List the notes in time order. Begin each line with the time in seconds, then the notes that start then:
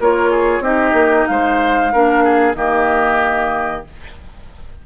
0.00 A#3 F4 A#4 C#5
0.31 G#4
0.60 C4 D#4 G4 D#5
0.93 A#3
1.27 G#3 C5 F5
1.93 A#3 D4 A#4
2.24 G#4
2.55 D#3 A#3 G4 D#5